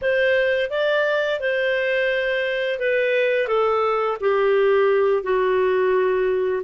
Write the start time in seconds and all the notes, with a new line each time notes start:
0.01 C5
0.70 D5
1.40 C5
2.79 B4
3.47 A4
4.20 G4
5.23 F#4